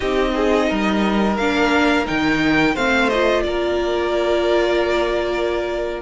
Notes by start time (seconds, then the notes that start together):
0.00 C4 D#4 G4 D#5
0.35 G#4
0.68 G3 A#4
1.36 A#3 D4 F5
2.05 D#3 D#4 G5
2.74 A3 C4 C5 F5
3.09 F4 D#5
3.43 A#3 A#4 D5